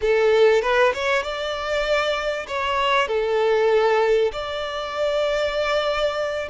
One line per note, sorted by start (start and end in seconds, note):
0.01 0.62 A4
0.62 0.93 B4
0.93 1.22 C#5
1.22 2.46 D5
2.47 3.07 C#5
3.07 4.31 A4
4.32 6.48 D5